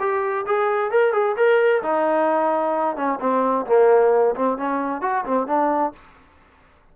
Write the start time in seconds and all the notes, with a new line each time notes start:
0.00 G4
0.47 G#4
0.91 A#4
1.13 G#4
1.37 A#4
1.83 D#4
2.96 C#4
3.21 C4
3.67 A#3
4.36 C4
4.58 C#4
5.02 F#4
5.25 C4
5.47 D4